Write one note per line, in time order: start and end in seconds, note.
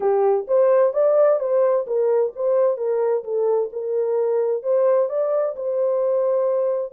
0.00 0.46 G4
0.47 0.93 C5
0.93 1.39 D5
1.39 1.85 C5
1.86 2.32 A#4
2.35 2.77 C5
2.77 3.23 A#4
3.23 3.70 A4
3.72 4.63 A#4
4.63 5.09 C5
5.09 5.55 D5
5.56 6.92 C5